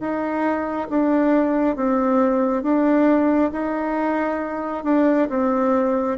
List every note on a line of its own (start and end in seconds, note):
0.00 0.88 D#4
0.90 1.76 D4
1.76 2.63 C4
2.63 3.51 D4
3.52 4.84 D#4
4.84 5.28 D4
5.29 6.18 C4